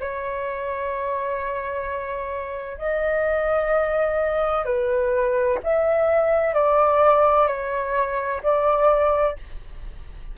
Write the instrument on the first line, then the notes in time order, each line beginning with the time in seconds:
flute
0.00 C#5
2.78 D#5
4.65 B4
5.64 E5
6.55 D5
7.48 C#5
8.43 D5